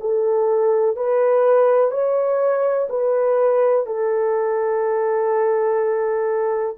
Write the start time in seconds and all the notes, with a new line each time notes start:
0.00 A4
0.96 B4
1.90 C#5
2.89 B4
3.86 A4